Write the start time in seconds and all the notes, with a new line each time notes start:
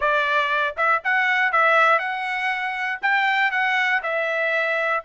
0.00 D5
0.77 E5
1.04 F#5
1.52 E5
1.98 F#5
3.02 G5
3.51 F#5
4.02 E5